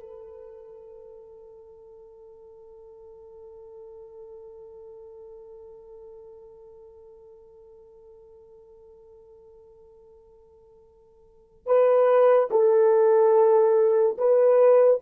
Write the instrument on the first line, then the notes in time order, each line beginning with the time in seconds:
horn
0.00 A4
11.66 B4
12.50 A4
14.17 B4